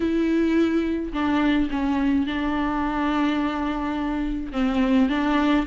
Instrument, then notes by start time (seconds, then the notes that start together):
viola
0.00 E4
1.12 D4
1.70 C#4
2.26 D4
4.52 C4
5.09 D4